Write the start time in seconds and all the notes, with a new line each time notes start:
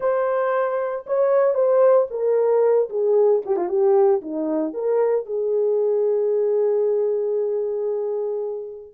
0.00 C5
1.06 C#5
1.54 C5
2.10 A#4
2.89 G#4
3.45 G4
3.56 F4
3.68 G4
4.21 D#4
4.73 A#4
5.26 G#4